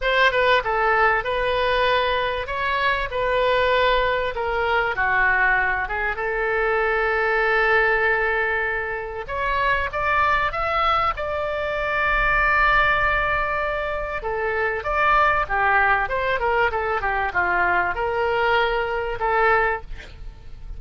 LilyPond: \new Staff \with { instrumentName = "oboe" } { \time 4/4 \tempo 4 = 97 c''8 b'8 a'4 b'2 | cis''4 b'2 ais'4 | fis'4. gis'8 a'2~ | a'2. cis''4 |
d''4 e''4 d''2~ | d''2. a'4 | d''4 g'4 c''8 ais'8 a'8 g'8 | f'4 ais'2 a'4 | }